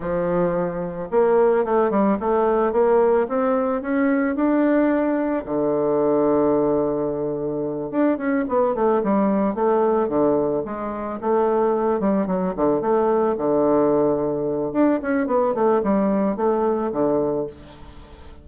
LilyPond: \new Staff \with { instrumentName = "bassoon" } { \time 4/4 \tempo 4 = 110 f2 ais4 a8 g8 | a4 ais4 c'4 cis'4 | d'2 d2~ | d2~ d8 d'8 cis'8 b8 |
a8 g4 a4 d4 gis8~ | gis8 a4. g8 fis8 d8 a8~ | a8 d2~ d8 d'8 cis'8 | b8 a8 g4 a4 d4 | }